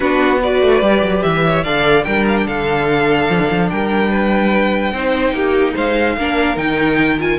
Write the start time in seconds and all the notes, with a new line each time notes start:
0.00 B3 D4 F#4 B4
0.41 F#4 B4 D5
0.61 A3
0.81 G3 G4
1.02 F#3
1.22 E3 E5
1.44 C#5
1.63 D3 A4 D5 F5
2.04 G3 D4 A#4 G5
2.27 F5
2.37 G5
2.46 D3 A4 F5
3.29 F3
3.38 D3
3.50 F3
3.69 G3 A#4 G5
4.10 B4
4.92 C4 D#4 C5
5.33 A#3 G4
5.74 G#3 C5 F5
6.17 A#3 D4 A#4
6.56 D#3 D#4 G5
7.18 F4 G#5